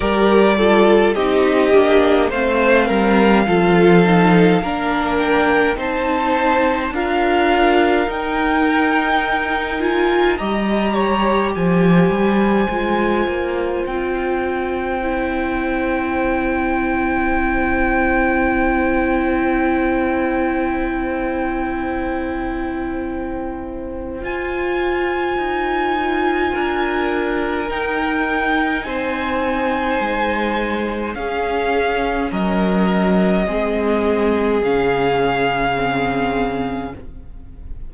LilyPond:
<<
  \new Staff \with { instrumentName = "violin" } { \time 4/4 \tempo 4 = 52 d''4 dis''4 f''2~ | f''8 g''8 a''4 f''4 g''4~ | g''8 gis''8 ais''4 gis''2 | g''1~ |
g''1~ | g''4 gis''2. | g''4 gis''2 f''4 | dis''2 f''2 | }
  \new Staff \with { instrumentName = "violin" } { \time 4/4 ais'8 a'8 g'4 c''8 ais'8 a'4 | ais'4 c''4 ais'2~ | ais'4 dis''8 cis''8 c''2~ | c''1~ |
c''1~ | c''2. ais'4~ | ais'4 c''2 gis'4 | ais'4 gis'2. | }
  \new Staff \with { instrumentName = "viola" } { \time 4/4 g'8 f'8 dis'8 d'8 c'4 f'8 dis'8 | d'4 dis'4 f'4 dis'4~ | dis'8 f'8 g'2 f'4~ | f'4 e'2.~ |
e'1~ | e'4 f'2. | dis'2. cis'4~ | cis'4 c'4 cis'4 c'4 | }
  \new Staff \with { instrumentName = "cello" } { \time 4/4 g4 c'8 ais8 a8 g8 f4 | ais4 c'4 d'4 dis'4~ | dis'4 g4 f8 g8 gis8 ais8 | c'1~ |
c'1~ | c'4 f'4 dis'4 d'4 | dis'4 c'4 gis4 cis'4 | fis4 gis4 cis2 | }
>>